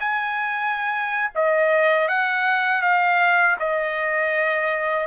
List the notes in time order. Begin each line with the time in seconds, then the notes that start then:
0.00 G#5
1.35 D#5
2.08 F#5
2.82 F5
3.60 D#5